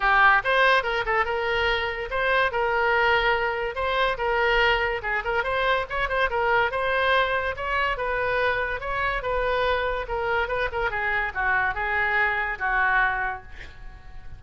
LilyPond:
\new Staff \with { instrumentName = "oboe" } { \time 4/4 \tempo 4 = 143 g'4 c''4 ais'8 a'8 ais'4~ | ais'4 c''4 ais'2~ | ais'4 c''4 ais'2 | gis'8 ais'8 c''4 cis''8 c''8 ais'4 |
c''2 cis''4 b'4~ | b'4 cis''4 b'2 | ais'4 b'8 ais'8 gis'4 fis'4 | gis'2 fis'2 | }